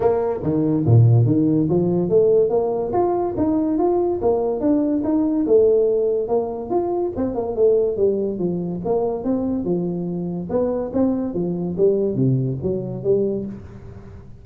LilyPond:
\new Staff \with { instrumentName = "tuba" } { \time 4/4 \tempo 4 = 143 ais4 dis4 ais,4 dis4 | f4 a4 ais4 f'4 | dis'4 f'4 ais4 d'4 | dis'4 a2 ais4 |
f'4 c'8 ais8 a4 g4 | f4 ais4 c'4 f4~ | f4 b4 c'4 f4 | g4 c4 fis4 g4 | }